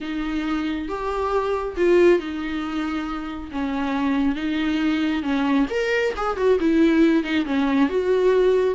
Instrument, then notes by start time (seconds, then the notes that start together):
viola
0.00 D#4
0.88 G4
1.76 F4
2.19 D#4
3.51 C#4
4.35 D#4
5.22 C#4
5.70 A#4
6.16 G#4
6.36 F#4
6.60 E4
7.23 D#4
7.45 C#4
7.89 F#4